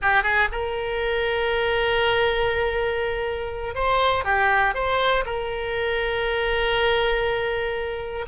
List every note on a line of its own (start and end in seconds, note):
0.01 0.23 G4
0.23 0.48 G#4
0.52 3.75 A#4
3.75 4.24 C5
4.24 4.74 G4
4.74 5.24 C5
5.25 8.25 A#4